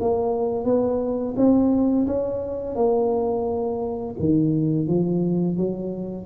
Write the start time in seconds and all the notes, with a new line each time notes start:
0.00 A#3
0.64 B3
1.36 C4
2.06 C#4
2.75 A#3
4.19 D#3
4.87 F3
5.57 F#3